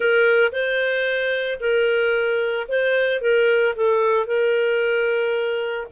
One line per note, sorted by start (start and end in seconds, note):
0.00 0.51 A#4
0.51 1.59 C5
1.59 2.67 A#4
2.68 3.21 C5
3.21 3.75 A#4
3.75 4.26 A4
4.26 5.87 A#4